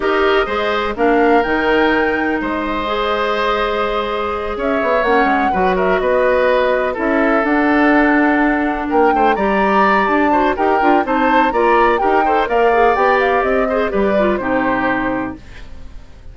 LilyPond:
<<
  \new Staff \with { instrumentName = "flute" } { \time 4/4 \tempo 4 = 125 dis''2 f''4 g''4~ | g''4 dis''2.~ | dis''4. e''4 fis''4. | e''8 dis''2 e''4 fis''8~ |
fis''2~ fis''8 g''4 ais''8~ | ais''4 a''4 g''4 a''4 | ais''4 g''4 f''4 g''8 f''8 | dis''4 d''4 c''2 | }
  \new Staff \with { instrumentName = "oboe" } { \time 4/4 ais'4 c''4 ais'2~ | ais'4 c''2.~ | c''4. cis''2 b'8 | ais'8 b'2 a'4.~ |
a'2~ a'8 ais'8 c''8 d''8~ | d''4. c''8 ais'4 c''4 | d''4 ais'8 c''8 d''2~ | d''8 c''8 b'4 g'2 | }
  \new Staff \with { instrumentName = "clarinet" } { \time 4/4 g'4 gis'4 d'4 dis'4~ | dis'2 gis'2~ | gis'2~ gis'8 cis'4 fis'8~ | fis'2~ fis'8 e'4 d'8~ |
d'2.~ d'8 g'8~ | g'4. fis'8 g'8 f'8 dis'4 | f'4 g'8 a'8 ais'8 gis'8 g'4~ | g'8 gis'8 g'8 f'8 dis'2 | }
  \new Staff \with { instrumentName = "bassoon" } { \time 4/4 dis'4 gis4 ais4 dis4~ | dis4 gis2.~ | gis4. cis'8 b8 ais8 gis8 fis8~ | fis8 b2 cis'4 d'8~ |
d'2~ d'8 ais8 a8 g8~ | g4 d'4 dis'8 d'8 c'4 | ais4 dis'4 ais4 b4 | c'4 g4 c2 | }
>>